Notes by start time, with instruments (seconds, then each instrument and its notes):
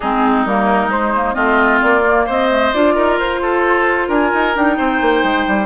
0.00 bassoon G#3, clarinet C4, oboe D#4, flute G#4
0.45 bassoon G3, clarinet A#3, flute A#4
0.87 bassoon G#3, clarinet G#3, flute C5
1.15 clarinet A#3
1.34 bassoon A3, clarinet C4, oboe F4, flute D#5
1.81 bassoon A#3, flute D5
2.05 clarinet A#3
2.26 bassoon C4, oboe C5, flute D#5
2.49 clarinet A3
2.73 bassoon D4, clarinet F4, flute D5
2.94 bassoon D#4, oboe A#4
3.17 bassoon F4, flute C5
3.42 oboe A4
4.08 bassoon D4, oboe A#4, flute G#5
4.34 bassoon D#4
4.55 bassoon D4, clarinet D#4, flute G5
4.77 bassoon C4, oboe C5
5.01 bassoon A#3
5.23 bassoon G#3
5.47 bassoon G3